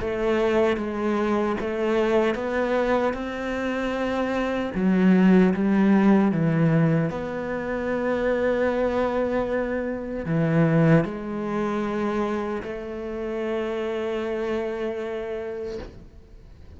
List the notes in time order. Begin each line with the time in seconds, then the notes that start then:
0.00 A3
0.77 G#3
1.60 A3
2.34 B3
3.14 C4
4.75 F#3
5.54 G3
6.31 E3
7.10 B3
10.26 E3
11.04 G#3
12.63 A3